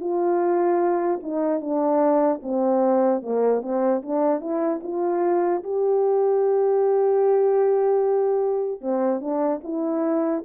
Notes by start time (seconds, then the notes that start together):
0.00 F4
1.22 D#4
1.60 D4
2.42 C4
3.22 A#3
3.61 C4
4.02 D4
4.40 E4
4.83 F4
5.63 G4
8.81 C4
9.20 D4
9.63 E4